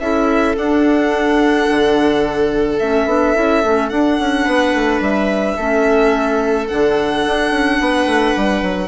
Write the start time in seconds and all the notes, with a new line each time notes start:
0.00 C#4 E4 A4 E5
0.56 D4 F#5
1.70 D3
2.79 A3 C#4 E5
3.06 B3 D4
3.35 C#4 E4
3.63 A3 C#4
3.90 D4 F#5
4.19 C#4
4.45 B3 B4
4.74 A3
5.01 G3 E5
5.57 A3 C#4 A4
6.67 D3 D4 F#5
7.26 D4
7.51 C#4
7.81 B3 B4
8.06 A3
8.37 G3
8.63 F#3